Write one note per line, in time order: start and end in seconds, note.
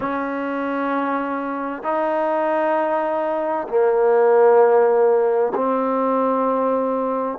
0.00 1.83 C#4
1.83 3.67 D#4
3.68 5.53 A#3
5.55 7.38 C4